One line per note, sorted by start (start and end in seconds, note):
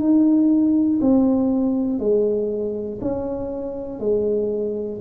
0.00 1.00 D#4
1.01 2.00 C4
2.00 3.00 G#3
3.01 4.00 C#4
4.00 5.00 G#3